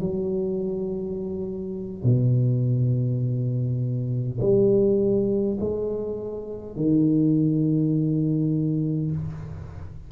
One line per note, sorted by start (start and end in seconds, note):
0.00 2.04 F#3
2.04 4.39 B2
4.41 5.58 G3
5.60 6.76 G#3
6.76 9.11 D#3